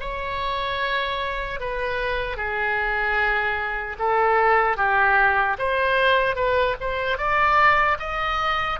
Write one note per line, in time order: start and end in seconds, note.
0.00 1.60 C#5
1.60 2.36 B4
2.36 3.96 G#4
3.99 4.77 A4
4.77 5.57 G4
5.58 6.35 C5
6.35 6.75 B4
6.80 7.17 C5
7.17 7.97 D5
7.99 8.79 D#5